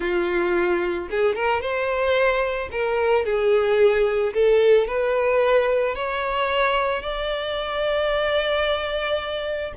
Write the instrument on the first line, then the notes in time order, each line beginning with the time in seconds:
violin
0.00 F4
1.10 G#4
1.35 A#4
1.61 C5
2.71 A#4
3.25 G#4
4.33 A4
4.87 B4
5.95 C#5
7.02 D5